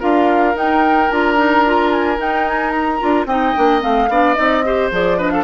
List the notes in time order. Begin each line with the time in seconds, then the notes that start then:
0.00 D4 F4 A#4 F5
0.55 D#4 G5
1.11 D4 F4 A#5
1.37 D#4
1.66 F4
1.92 G#5
2.17 D#4 G5
2.48 G#5
2.71 A#5
3.00 D4 F4
3.25 C4 D#4 D#5 G5
3.56 A#3 D4
3.80 A3 C4 F5
4.09 B3 D4 D5
4.34 C4 D#4 D#5
4.65 G4 C5
4.92 F3 G#4 D5
5.18 D4 B4 D#5
5.30 A4 F5